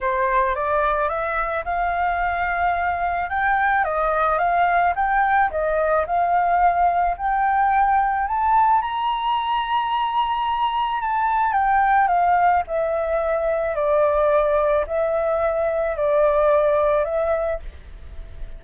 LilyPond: \new Staff \with { instrumentName = "flute" } { \time 4/4 \tempo 4 = 109 c''4 d''4 e''4 f''4~ | f''2 g''4 dis''4 | f''4 g''4 dis''4 f''4~ | f''4 g''2 a''4 |
ais''1 | a''4 g''4 f''4 e''4~ | e''4 d''2 e''4~ | e''4 d''2 e''4 | }